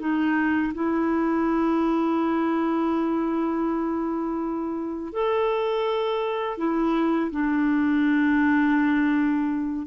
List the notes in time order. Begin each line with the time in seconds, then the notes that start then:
0.00 D#4
0.74 E4
5.13 A4
6.58 E4
7.32 D4